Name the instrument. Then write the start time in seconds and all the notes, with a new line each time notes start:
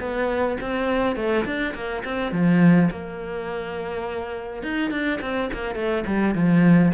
cello
0.00 B3
0.61 C4
1.16 A3
1.46 D4
1.75 A#3
2.05 C4
2.32 F3
2.91 A#3
4.63 D#4
4.91 D4
5.22 C4
5.54 A#3
5.76 A3
6.07 G3
6.35 F3